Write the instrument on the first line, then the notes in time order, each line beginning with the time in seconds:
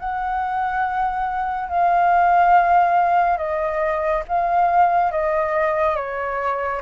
flute
0.00 F#5
1.69 F5
3.38 D#5
4.29 F5
5.12 D#5
5.96 C#5